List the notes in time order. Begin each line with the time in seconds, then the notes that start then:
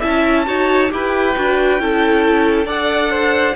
0.00 C#4 E4 E5 A5
0.46 D#4 F#4 C#5
0.90 E4 G4 B4 G5
1.36 D4 F#4
1.79 C#4 E4 A4
2.66 D4 A4 D5 F#5
3.10 C5